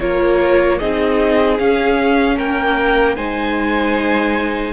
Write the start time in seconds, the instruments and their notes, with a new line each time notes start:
0.00 cello A#3, viola F4, violin A#4 C#5
0.79 cello C4, viola D#4, violin G#4 D#5
1.59 viola C#4, cello C#4, violin F5
2.37 cello A#3, violin A#4 G5
3.16 cello G#3, viola D#4, violin C5 G#5